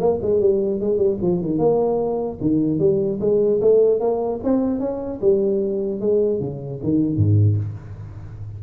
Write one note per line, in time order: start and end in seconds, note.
0.00 0.20 A#3
0.22 0.41 G#3
0.41 0.81 G3
0.81 0.98 G#3
0.98 1.18 G3
1.22 1.41 F3
1.41 1.59 D#3
1.59 2.39 A#3
2.41 2.80 D#3
2.80 3.20 G3
3.21 3.61 G#3
3.62 4.00 A3
4.00 4.40 A#3
4.44 4.80 C4
4.80 5.20 C#4
5.22 6.01 G3
6.01 6.41 G#3
6.41 6.81 C#3
6.83 7.17 D#3
7.17 7.57 G#2